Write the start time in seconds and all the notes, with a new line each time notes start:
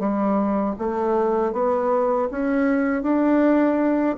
0.00 G3
0.79 A3
1.53 B3
2.31 C#4
3.03 D4